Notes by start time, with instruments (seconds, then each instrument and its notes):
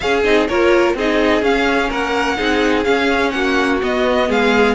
0.00 cello C#4, viola C#4, violin G#4 F5
0.24 cello C4, viola D#4, violin D#5
0.48 cello A#3, viola F4, violin A#4 C#5
0.94 cello C4, viola D#4, violin G#4 D#5
1.42 cello C#4, viola C#4, violin F5
1.89 cello A#3, violin A#4 F#5
2.37 cello C4, viola D#4, violin G#4
2.83 viola C#4, cello C#4, violin F5
3.30 cello A#3, violin F#4 F#5
3.82 viola B3, cello B3, violin D#5
4.28 cello G#3, violin G#4 F5